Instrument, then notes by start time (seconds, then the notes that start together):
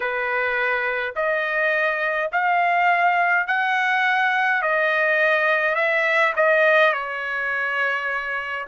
trumpet
0.00 B4
1.15 D#5
2.31 F5
3.47 F#5
4.62 D#5
5.75 E5
6.36 D#5
6.93 C#5